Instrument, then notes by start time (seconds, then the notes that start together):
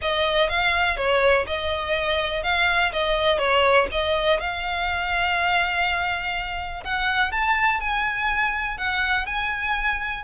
violin
0.01 D#5
0.49 F5
0.96 C#5
1.46 D#5
2.43 F5
2.92 D#5
3.38 C#5
3.91 D#5
4.39 F5
6.84 F#5
7.31 A5
7.80 G#5
8.77 F#5
9.25 G#5